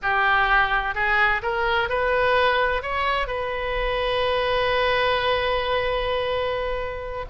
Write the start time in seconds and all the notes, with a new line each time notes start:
0.02 G4
0.94 G#4
1.42 A#4
1.89 B4
2.82 C#5
3.27 B4